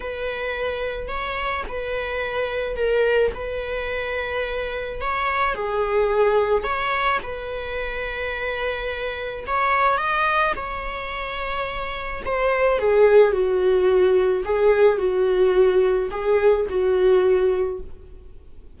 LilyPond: \new Staff \with { instrumentName = "viola" } { \time 4/4 \tempo 4 = 108 b'2 cis''4 b'4~ | b'4 ais'4 b'2~ | b'4 cis''4 gis'2 | cis''4 b'2.~ |
b'4 cis''4 dis''4 cis''4~ | cis''2 c''4 gis'4 | fis'2 gis'4 fis'4~ | fis'4 gis'4 fis'2 | }